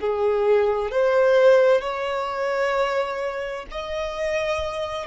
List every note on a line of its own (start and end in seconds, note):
0.00 0.91 G#4
0.91 1.81 C5
1.81 3.66 C#5
3.71 5.06 D#5